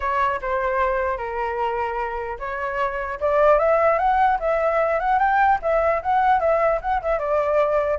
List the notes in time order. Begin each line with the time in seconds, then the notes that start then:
0.00 C#5
0.41 C5
1.17 A#4
2.39 C#5
3.20 D5
3.59 E5
3.98 F#5
4.39 E5
4.99 F#5
5.19 G5
5.62 E5
6.02 F#5
6.40 E5
6.81 F#5
7.02 E5
7.18 D5